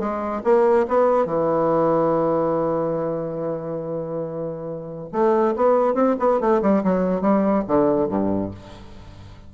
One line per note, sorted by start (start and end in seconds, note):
0.00 0.43 G#3
0.44 0.87 A#3
0.89 1.26 B3
1.26 5.09 E3
5.13 5.55 A3
5.56 5.95 B3
5.95 6.16 C4
6.20 6.41 B3
6.41 6.62 A3
6.62 6.83 G3
6.84 7.22 F#3
7.22 7.64 G3
7.68 8.09 D3
8.09 8.51 G2